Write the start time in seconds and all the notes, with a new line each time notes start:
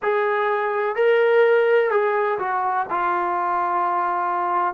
0.02 G#4
0.95 A#4
1.90 G#4
2.39 F#4
2.90 F4